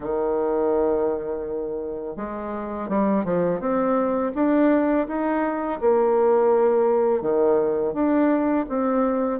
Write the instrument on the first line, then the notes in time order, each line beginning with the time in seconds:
bassoon
0.00 D#3
2.16 G#3
2.88 G3
3.24 F3
3.59 C4
4.34 D4
5.07 D#4
5.80 A#3
7.21 D#3
7.93 D4
8.68 C4